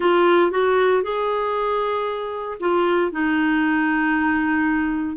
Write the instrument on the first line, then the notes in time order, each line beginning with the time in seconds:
clarinet
0.00 F4
0.51 F#4
1.03 G#4
2.60 F4
3.11 D#4